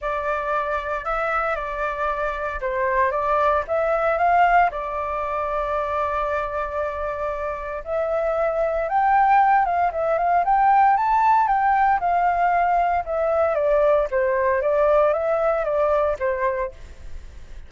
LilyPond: \new Staff \with { instrumentName = "flute" } { \time 4/4 \tempo 4 = 115 d''2 e''4 d''4~ | d''4 c''4 d''4 e''4 | f''4 d''2.~ | d''2. e''4~ |
e''4 g''4. f''8 e''8 f''8 | g''4 a''4 g''4 f''4~ | f''4 e''4 d''4 c''4 | d''4 e''4 d''4 c''4 | }